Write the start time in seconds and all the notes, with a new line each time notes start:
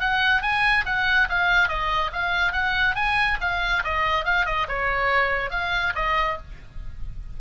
0.00 F#5
0.42 G#5
0.86 F#5
1.29 F5
1.69 D#5
2.13 F5
2.53 F#5
2.96 G#5
3.41 F5
3.84 D#5
4.25 F5
4.46 D#5
4.68 C#5
5.51 F5
5.95 D#5